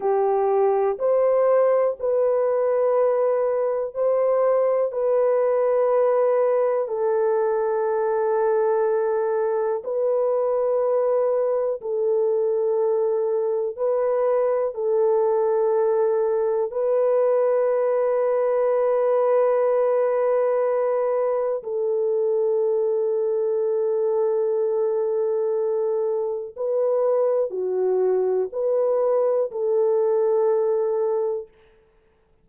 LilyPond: \new Staff \with { instrumentName = "horn" } { \time 4/4 \tempo 4 = 61 g'4 c''4 b'2 | c''4 b'2 a'4~ | a'2 b'2 | a'2 b'4 a'4~ |
a'4 b'2.~ | b'2 a'2~ | a'2. b'4 | fis'4 b'4 a'2 | }